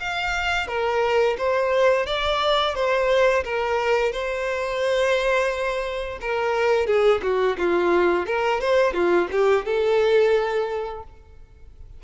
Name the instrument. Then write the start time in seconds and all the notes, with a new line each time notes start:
violin
0.00 F5
0.68 A#4
1.38 C5
2.07 D5
2.75 C5
3.45 A#4
4.12 C5
6.21 A#4
6.87 G#4
7.23 F#4
7.58 F4
8.27 A#4
8.61 C5
8.94 F4
9.32 G4
9.66 A4